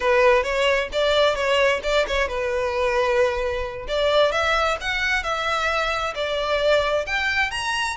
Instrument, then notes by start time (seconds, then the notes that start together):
violin
0.00 B4
0.43 C#5
0.92 D5
1.35 C#5
1.83 D5
2.07 C#5
2.27 B4
3.87 D5
4.32 E5
4.80 F#5
5.23 E5
6.14 D5
7.06 G5
7.50 A#5